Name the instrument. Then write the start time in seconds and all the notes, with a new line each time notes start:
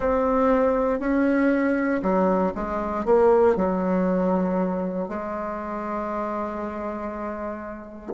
bassoon
0.00 C4
0.99 C#4
2.02 F#3
2.54 G#3
3.05 A#3
3.55 F#3
5.08 G#3